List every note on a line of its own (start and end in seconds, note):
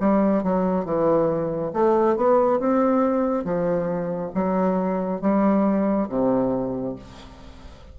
0.00 0.43 G3
0.43 0.85 F#3
0.85 1.72 E3
1.73 2.16 A3
2.16 2.59 B3
2.59 3.44 C4
3.44 4.31 F3
4.34 5.21 F#3
5.21 6.08 G3
6.09 6.96 C3